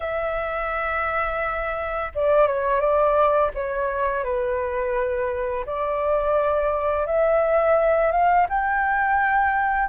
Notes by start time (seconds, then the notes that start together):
0.00 E5
2.14 D5
2.47 C#5
2.80 D5
3.54 C#5
4.24 B4
5.66 D5
7.06 E5
8.11 F5
8.49 G5